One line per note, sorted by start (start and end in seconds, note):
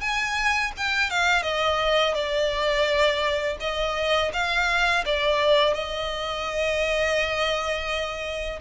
0.00 0.71 G#5
0.77 1.10 G5
1.10 1.42 F5
1.42 2.14 D#5
2.14 3.57 D5
3.60 4.31 D#5
4.32 5.04 F5
5.05 5.73 D5
5.73 8.59 D#5